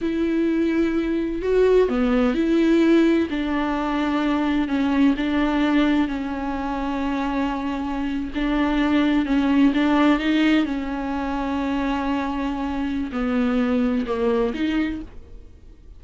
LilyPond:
\new Staff \with { instrumentName = "viola" } { \time 4/4 \tempo 4 = 128 e'2. fis'4 | b4 e'2 d'4~ | d'2 cis'4 d'4~ | d'4 cis'2.~ |
cis'4.~ cis'16 d'2 cis'16~ | cis'8. d'4 dis'4 cis'4~ cis'16~ | cis'1 | b2 ais4 dis'4 | }